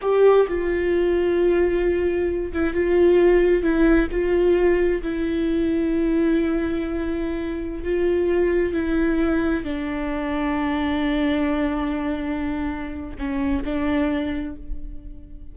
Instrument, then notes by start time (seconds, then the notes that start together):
viola
0.01 G4
0.48 F4
2.52 E4
2.73 F4
3.62 E4
4.11 F4
5.02 E4
7.83 F4
8.73 E4
9.63 D4
13.18 C#4
13.64 D4